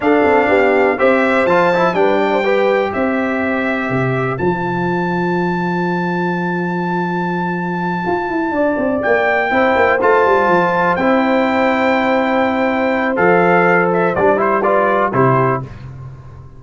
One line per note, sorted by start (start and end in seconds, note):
0.00 0.23 D4
0.00 0.97 D4
0.00 0.48 A4
0.00 0.98 F5
0.24 0.48 C4
0.48 0.97 B3
0.48 0.97 G4
0.97 1.45 C4
0.97 1.46 G4
0.97 1.95 C5
0.97 1.46 E5
1.45 1.93 F3
1.45 1.73 F4
1.45 1.94 A5
1.74 1.94 E4
1.93 2.91 G3
1.93 2.43 D4
1.93 2.18 B4
1.93 2.91 G5
2.18 2.30 D5
2.32 2.44 C5
2.44 4.38 G4
2.44 2.92 B4
2.92 3.89 C4
2.92 8.53 C5
2.92 4.37 E5
3.89 4.38 C3
4.37 8.05 F3
4.37 9.50 F4
4.37 9.01 A5
8.06 8.30 F4
8.30 8.51 E4
8.51 8.75 D4
8.51 9.51 D5
8.77 9.01 C4
9.02 9.50 A#3
9.02 9.99 G5
9.50 9.75 C4
9.50 9.99 E4
9.50 14.63 C5
9.76 10.00 A#3
10.01 10.25 A3
10.01 10.98 F4
10.01 10.96 A5
10.25 10.47 G3
10.47 10.96 F3
10.96 13.16 C4
10.96 13.16 E4
10.96 13.15 G5
13.16 14.15 F3
13.16 14.14 A4
13.16 13.89 F5
13.93 14.15 E5
14.15 15.13 G3
14.15 14.37 D4
14.15 14.39 D5
14.37 14.61 E4
14.37 14.62 C5
14.62 15.12 F4
14.62 15.12 B4
14.62 15.11 D5
15.13 15.61 C3
15.13 15.62 E4
15.13 15.63 G4
15.13 15.62 C5